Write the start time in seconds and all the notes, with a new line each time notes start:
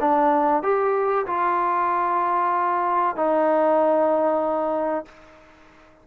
0.00 D4
0.63 G4
1.27 F4
3.16 D#4